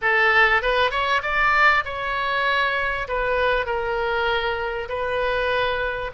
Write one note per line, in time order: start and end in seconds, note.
0.01 0.62 A4
0.62 0.90 B4
0.90 1.21 C#5
1.22 1.83 D5
1.85 3.07 C#5
3.08 3.65 B4
3.65 4.88 A#4
4.88 6.11 B4